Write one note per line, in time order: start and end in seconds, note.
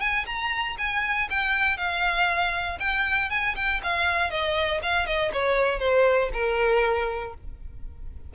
0.00 0.25 G#5
0.26 0.77 A#5
0.78 1.28 G#5
1.30 1.77 G5
1.77 2.78 F5
2.80 3.30 G5
3.30 3.55 G#5
3.56 3.81 G5
3.83 4.30 F5
4.30 4.81 D#5
4.82 5.06 F5
5.06 5.31 D#5
5.33 5.79 C#5
5.79 6.30 C5
6.33 7.34 A#4